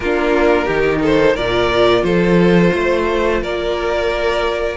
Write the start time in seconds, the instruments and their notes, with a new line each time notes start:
0.00 cello A#3, viola D4, violin F4 A#4
0.64 cello D#3, viola D#4, violin G4
1.02 violin A4 C5
1.34 cello A#2, viola F4, violin A#4 D5
2.02 cello F3, violin A4 C5
2.74 cello A3, violin C5
3.42 cello A#3, violin A#4 D5